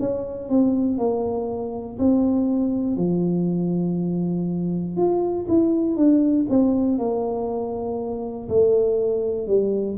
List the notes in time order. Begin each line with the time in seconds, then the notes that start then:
0.00 C#4
0.49 C4
0.98 A#3
1.99 C4
2.97 F3
4.97 F4
5.49 E4
5.97 D4
6.50 C4
6.98 A#3
8.49 A3
9.47 G3